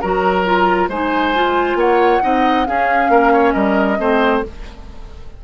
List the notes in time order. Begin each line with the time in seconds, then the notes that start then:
0.00 F#3 F#4 A#4 A#5
0.45 F4
0.88 G#3 D#4 C5 G#5
1.35 F4
1.75 A#3 C#5 F#5
2.21 C4 D#4 D#5
2.66 C#4 G#4 F5
3.09 A#3 A#4
3.32 C#5
3.52 G3 A#4 D#5
3.98 A3 C4 C5